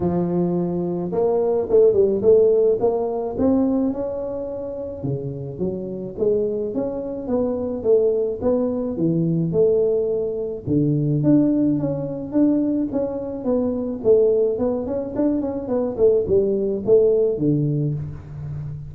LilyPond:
\new Staff \with { instrumentName = "tuba" } { \time 4/4 \tempo 4 = 107 f2 ais4 a8 g8 | a4 ais4 c'4 cis'4~ | cis'4 cis4 fis4 gis4 | cis'4 b4 a4 b4 |
e4 a2 d4 | d'4 cis'4 d'4 cis'4 | b4 a4 b8 cis'8 d'8 cis'8 | b8 a8 g4 a4 d4 | }